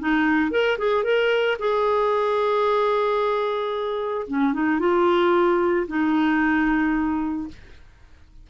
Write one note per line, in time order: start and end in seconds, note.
0.00 0.52 D#4
0.52 0.78 A#4
0.78 1.04 G#4
1.04 1.58 A#4
1.59 4.27 G#4
4.28 4.54 C#4
4.54 4.80 D#4
4.80 5.87 F4
5.88 7.49 D#4